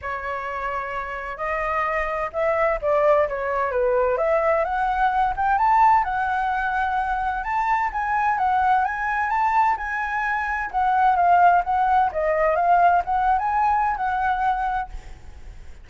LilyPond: \new Staff \with { instrumentName = "flute" } { \time 4/4 \tempo 4 = 129 cis''2. dis''4~ | dis''4 e''4 d''4 cis''4 | b'4 e''4 fis''4. g''8 | a''4 fis''2. |
a''4 gis''4 fis''4 gis''4 | a''4 gis''2 fis''4 | f''4 fis''4 dis''4 f''4 | fis''8. gis''4~ gis''16 fis''2 | }